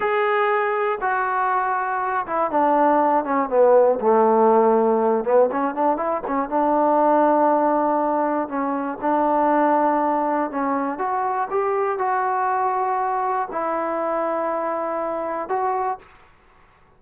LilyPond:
\new Staff \with { instrumentName = "trombone" } { \time 4/4 \tempo 4 = 120 gis'2 fis'2~ | fis'8 e'8 d'4. cis'8 b4 | a2~ a8 b8 cis'8 d'8 | e'8 cis'8 d'2.~ |
d'4 cis'4 d'2~ | d'4 cis'4 fis'4 g'4 | fis'2. e'4~ | e'2. fis'4 | }